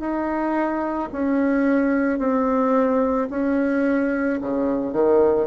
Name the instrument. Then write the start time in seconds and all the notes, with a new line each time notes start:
bassoon
0.00 D#4
1.13 C#4
2.19 C4
3.30 C#4
4.41 C#3
4.93 D#3